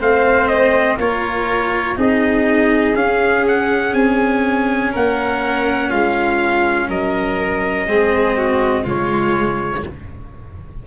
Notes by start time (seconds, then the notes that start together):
0.00 A3 C4 C5 F5
0.48 D#5
0.98 A#3 F4 A#4 C#5
1.96 C4 D#4 G#4 D#5
2.95 C#4 F5
3.48 F#5
3.93 C4 G#5
4.93 A#3 A#4 F#5
5.90 G#3 F4 F5
6.89 F#3 A#4 D#5
7.87 G#3 C4 G#4
8.38 F#4
8.84 C#3 G#3 F4 C#5